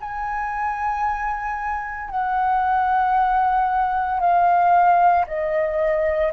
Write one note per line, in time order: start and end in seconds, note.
0.00 2.10 G#5
2.10 4.20 F#5
4.20 5.25 F5
5.27 6.32 D#5